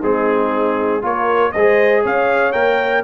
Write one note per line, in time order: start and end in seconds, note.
0.00 1.03 G#3
0.00 1.01 C4
0.00 1.01 D#4
0.00 1.04 G#4
1.01 1.53 A#3
1.01 1.52 F4
1.01 1.53 A#4
1.01 1.51 C#5
1.51 2.05 G#3
1.51 2.53 G#4
1.51 2.02 C5
1.51 2.02 D#5
2.02 2.54 C#4
2.02 3.03 C#5
2.02 2.52 F5
2.52 3.04 A#3
2.52 3.03 A#4
2.52 3.02 G5